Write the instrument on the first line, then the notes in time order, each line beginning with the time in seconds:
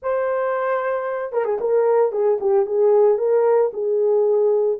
horn
0.02 C5
1.32 A#4
1.45 G#4
1.60 A#4
2.11 G#4
2.40 G4
2.66 G#4
3.18 A#4
3.73 G#4